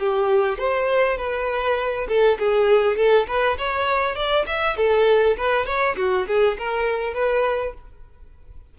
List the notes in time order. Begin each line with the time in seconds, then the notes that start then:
0.00 G4
0.58 C5
1.18 B4
2.08 A4
2.39 G#4
2.97 A4
3.28 B4
3.58 C#5
4.16 D5
4.47 E5
4.77 A4
5.38 B4
5.66 C#5
5.97 F#4
6.28 G#4
6.59 A#4
7.14 B4